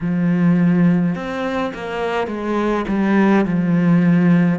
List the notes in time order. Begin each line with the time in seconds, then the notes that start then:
0.01 F3
1.15 C4
1.74 A#3
2.27 G#3
2.87 G3
3.45 F3